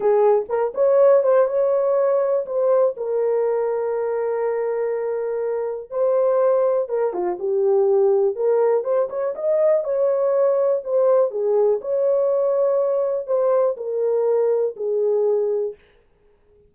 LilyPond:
\new Staff \with { instrumentName = "horn" } { \time 4/4 \tempo 4 = 122 gis'4 ais'8 cis''4 c''8 cis''4~ | cis''4 c''4 ais'2~ | ais'1 | c''2 ais'8 f'8 g'4~ |
g'4 ais'4 c''8 cis''8 dis''4 | cis''2 c''4 gis'4 | cis''2. c''4 | ais'2 gis'2 | }